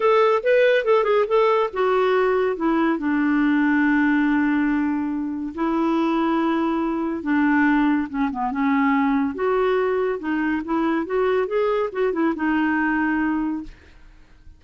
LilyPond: \new Staff \with { instrumentName = "clarinet" } { \time 4/4 \tempo 4 = 141 a'4 b'4 a'8 gis'8 a'4 | fis'2 e'4 d'4~ | d'1~ | d'4 e'2.~ |
e'4 d'2 cis'8 b8 | cis'2 fis'2 | dis'4 e'4 fis'4 gis'4 | fis'8 e'8 dis'2. | }